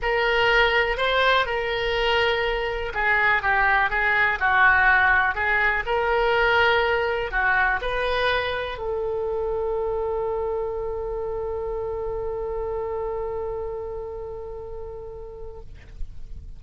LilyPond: \new Staff \with { instrumentName = "oboe" } { \time 4/4 \tempo 4 = 123 ais'2 c''4 ais'4~ | ais'2 gis'4 g'4 | gis'4 fis'2 gis'4 | ais'2. fis'4 |
b'2 a'2~ | a'1~ | a'1~ | a'1 | }